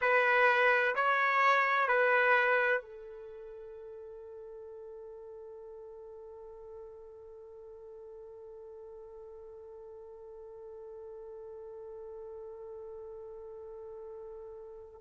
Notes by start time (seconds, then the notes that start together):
0.01 B4
0.95 C#5
1.87 B4
2.81 A4